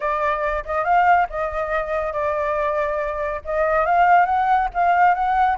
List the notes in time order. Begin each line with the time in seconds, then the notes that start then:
0.00 D5
0.65 D#5
0.84 F5
1.29 D#5
2.12 D5
3.45 D#5
3.85 F5
4.25 F#5
4.74 F5
5.14 F#5